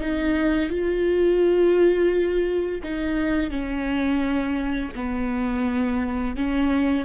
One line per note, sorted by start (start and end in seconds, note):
0.00 0.70 D#4
0.70 2.82 F4
2.83 3.50 D#4
3.50 4.92 C#4
4.95 6.36 B3
6.36 7.05 C#4